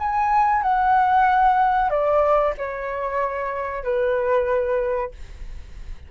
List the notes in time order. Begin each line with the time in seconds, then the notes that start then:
0.00 G#5
0.63 F#5
1.90 D5
2.58 C#5
3.84 B4